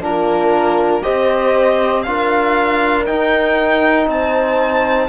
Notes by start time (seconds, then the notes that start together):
0.00 A#3 D4 F4 A#4
1.03 G4 C5 D#5
1.09 C4
2.03 D4 F4 A#4 F5
3.06 D#4 G5
4.07 C4 C5 A5